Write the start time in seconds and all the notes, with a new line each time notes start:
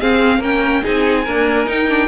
0.00 C4 G#4 F5
0.39 A#3 C#4 A#4 G5
0.83 C4 D#4 G#4 G#5
1.24 A#3 D4 A#4
1.66 D#4 G5
1.89 D4